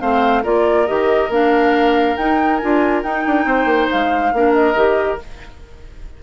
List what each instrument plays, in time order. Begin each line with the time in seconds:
0.00 bassoon A3, clarinet C4, oboe C5, flute F5
0.42 bassoon A#3, clarinet F4, oboe A#4, flute D5
0.86 bassoon D#3, clarinet G4, flute D#5
1.29 bassoon A#3, clarinet D4, flute F5
2.16 bassoon D#4, clarinet D#4, flute G5
2.57 bassoon D4, clarinet F4, flute G#5
3.02 bassoon D#4, clarinet D#4, flute G5
3.26 bassoon D4
3.45 bassoon C4, oboe C5
3.65 bassoon A#3
3.90 bassoon G#3, flute F5
4.32 bassoon A#3, clarinet D4, oboe A#4
4.53 flute D#5
4.75 bassoon D#3, clarinet G4